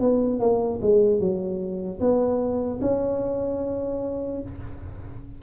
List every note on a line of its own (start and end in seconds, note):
0.00 0.39 B3
0.39 0.79 A#3
0.81 1.20 G#3
1.20 2.00 F#3
2.00 2.80 B3
2.81 4.41 C#4